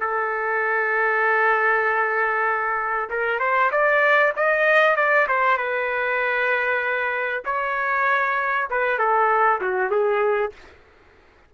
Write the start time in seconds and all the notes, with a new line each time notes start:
0.00 A4
3.10 A#4
3.39 C5
3.71 D5
4.36 D#5
4.96 D5
5.28 C5
5.57 B4
7.45 C#5
8.70 B4
8.99 A4
9.61 F#4
9.91 G#4